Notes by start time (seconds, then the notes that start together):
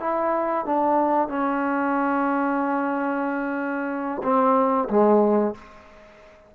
0.00 E4
0.66 D4
1.28 C#4
4.23 C4
4.89 G#3